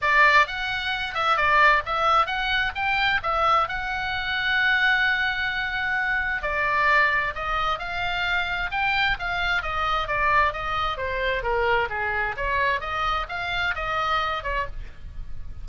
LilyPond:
\new Staff \with { instrumentName = "oboe" } { \time 4/4 \tempo 4 = 131 d''4 fis''4. e''8 d''4 | e''4 fis''4 g''4 e''4 | fis''1~ | fis''2 d''2 |
dis''4 f''2 g''4 | f''4 dis''4 d''4 dis''4 | c''4 ais'4 gis'4 cis''4 | dis''4 f''4 dis''4. cis''8 | }